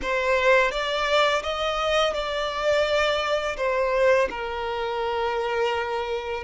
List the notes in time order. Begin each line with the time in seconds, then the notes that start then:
0.02 C5
0.71 D5
1.43 D#5
2.13 D5
3.56 C5
4.30 A#4